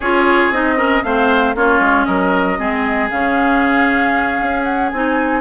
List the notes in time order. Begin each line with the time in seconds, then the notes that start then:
0.00 C#4 F4 G#4 C#5
0.50 C4 D#4 D#5
0.77 C#4 A#4
1.03 A3 C4 C5 F5
1.55 A#3 C#4 F4 C#5
1.79 G#3
2.05 F#3 A#4 D#5
2.58 G#3 C4 G#4
3.10 C#3 C#4 F5
4.40 C#4
4.63 F#5
4.91 C4 D#4 G#5